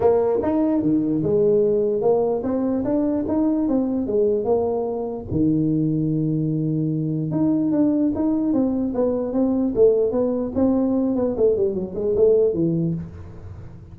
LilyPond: \new Staff \with { instrumentName = "tuba" } { \time 4/4 \tempo 4 = 148 ais4 dis'4 dis4 gis4~ | gis4 ais4 c'4 d'4 | dis'4 c'4 gis4 ais4~ | ais4 dis2.~ |
dis2 dis'4 d'4 | dis'4 c'4 b4 c'4 | a4 b4 c'4. b8 | a8 g8 fis8 gis8 a4 e4 | }